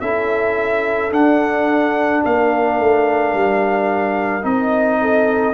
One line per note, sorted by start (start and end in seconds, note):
0.00 1.11 C#4
0.00 1.10 E4
0.00 2.24 A4
0.00 1.11 E5
1.10 4.42 D4
1.10 2.22 D4
1.10 2.23 F#5
2.24 2.79 A#3
2.24 5.00 A#4
2.24 4.44 F5
2.79 3.33 A3
3.33 4.44 G3
4.42 5.54 C4
4.42 5.53 D#4
4.42 5.54 D#5
5.00 5.54 A4